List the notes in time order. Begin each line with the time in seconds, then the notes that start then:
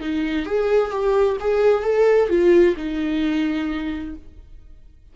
0.00 D#4
0.46 G#4
0.91 G4
1.40 G#4
1.83 A4
2.29 F4
2.77 D#4